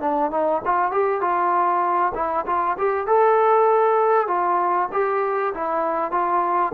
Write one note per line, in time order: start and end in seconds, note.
0.00 0.31 D4
0.31 0.62 D#4
0.65 0.91 F4
0.91 1.21 G4
1.21 2.12 F4
2.15 2.45 E4
2.46 2.77 F4
2.78 3.07 G4
3.07 4.27 A4
4.27 4.88 F4
4.92 5.53 G4
5.54 6.11 E4
6.11 6.72 F4